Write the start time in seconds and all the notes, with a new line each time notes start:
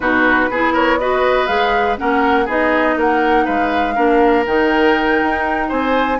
0.00 B2 D#4 F#4 B4
0.50 B3 E4 G#4
0.73 A#4 C#5
0.99 F#4 B4 D#5
1.47 G#3 G#4 F5
1.97 A#3 C#4 A#4 F#5
2.45 B3 D#4 G#4 D#5
2.96 A#3 A#4 F#5
3.44 G#3 B4 F5
3.95 A#3 D4 A#4
4.46 D#3 D#4 G5
5.23 D#4
5.68 C4 C5 G#5